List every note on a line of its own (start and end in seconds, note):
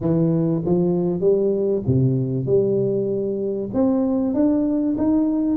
0.00 0.62 E3
0.65 1.20 F3
1.20 1.82 G3
1.86 2.45 C3
2.45 3.69 G3
3.73 4.34 C4
4.34 4.96 D4
4.97 5.56 D#4